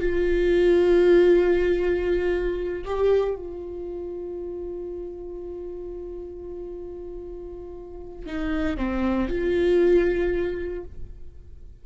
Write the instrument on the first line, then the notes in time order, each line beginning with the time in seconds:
viola
0.00 F4
2.85 G4
3.36 F4
8.27 D#4
8.77 C4
9.29 F4